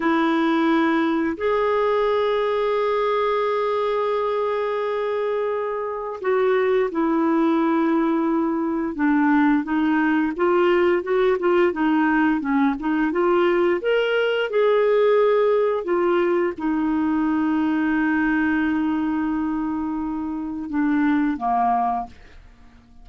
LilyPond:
\new Staff \with { instrumentName = "clarinet" } { \time 4/4 \tempo 4 = 87 e'2 gis'2~ | gis'1~ | gis'4 fis'4 e'2~ | e'4 d'4 dis'4 f'4 |
fis'8 f'8 dis'4 cis'8 dis'8 f'4 | ais'4 gis'2 f'4 | dis'1~ | dis'2 d'4 ais4 | }